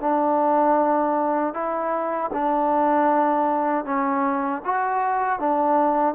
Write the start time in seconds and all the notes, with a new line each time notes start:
0.00 D4
1.53 E4
2.33 D4
3.85 C#4
4.65 F#4
5.39 D4